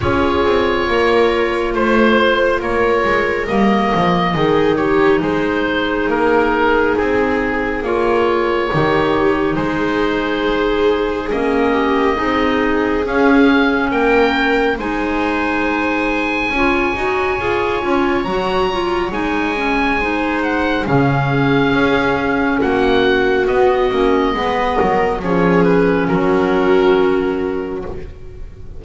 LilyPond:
<<
  \new Staff \with { instrumentName = "oboe" } { \time 4/4 \tempo 4 = 69 cis''2 c''4 cis''4 | dis''4. cis''8 c''4 ais'4 | gis'4 cis''2 c''4~ | c''4 dis''2 f''4 |
g''4 gis''2.~ | gis''4 ais''4 gis''4. fis''8 | f''2 fis''4 dis''4~ | dis''4 cis''8 b'8 ais'2 | }
  \new Staff \with { instrumentName = "viola" } { \time 4/4 gis'4 ais'4 c''4 ais'4~ | ais'4 gis'8 g'8 gis'2~ | gis'2 g'4 gis'4~ | gis'4. g'8 gis'2 |
ais'4 c''2 cis''4~ | cis''2. c''4 | gis'2 fis'2 | b'8 ais'8 gis'4 fis'2 | }
  \new Staff \with { instrumentName = "clarinet" } { \time 4/4 f'1 | ais4 dis'2.~ | dis'4 f'4 dis'2~ | dis'4 cis'4 dis'4 cis'4~ |
cis'4 dis'2 f'8 fis'8 | gis'8 f'8 fis'8 f'8 dis'8 cis'8 dis'4 | cis'2. b8 cis'8 | b4 cis'2. | }
  \new Staff \with { instrumentName = "double bass" } { \time 4/4 cis'8 c'8 ais4 a4 ais8 gis8 | g8 f8 dis4 gis4 ais4 | c'4 ais4 dis4 gis4~ | gis4 ais4 c'4 cis'4 |
ais4 gis2 cis'8 dis'8 | f'8 cis'8 fis4 gis2 | cis4 cis'4 ais4 b8 ais8 | gis8 fis8 f4 fis2 | }
>>